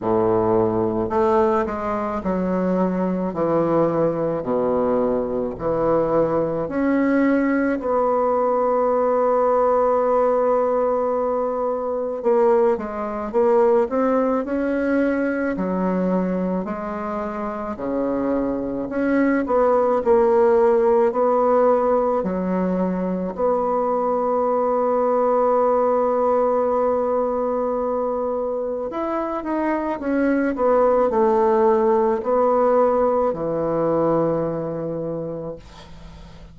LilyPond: \new Staff \with { instrumentName = "bassoon" } { \time 4/4 \tempo 4 = 54 a,4 a8 gis8 fis4 e4 | b,4 e4 cis'4 b4~ | b2. ais8 gis8 | ais8 c'8 cis'4 fis4 gis4 |
cis4 cis'8 b8 ais4 b4 | fis4 b2.~ | b2 e'8 dis'8 cis'8 b8 | a4 b4 e2 | }